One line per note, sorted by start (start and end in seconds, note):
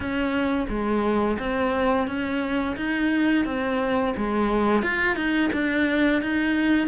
0.00 0.66 C#4
0.69 1.38 G#3
1.39 2.07 C4
2.07 2.76 C#4
2.76 3.45 D#4
3.45 4.14 C4
4.17 4.82 G#3
4.82 5.15 F4
5.15 5.50 D#4
5.52 6.21 D4
6.22 6.87 D#4